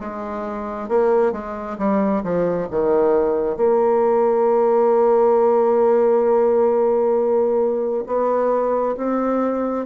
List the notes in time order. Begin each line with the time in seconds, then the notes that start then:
0.00 G#3
0.88 A#3
1.32 G#3
1.78 G3
2.23 F3
2.70 D#3
3.56 A#3
8.06 B3
8.97 C4